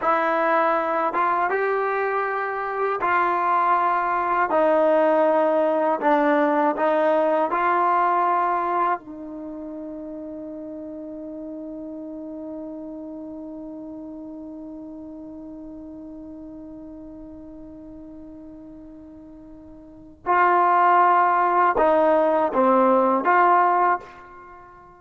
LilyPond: \new Staff \with { instrumentName = "trombone" } { \time 4/4 \tempo 4 = 80 e'4. f'8 g'2 | f'2 dis'2 | d'4 dis'4 f'2 | dis'1~ |
dis'1~ | dis'1~ | dis'2. f'4~ | f'4 dis'4 c'4 f'4 | }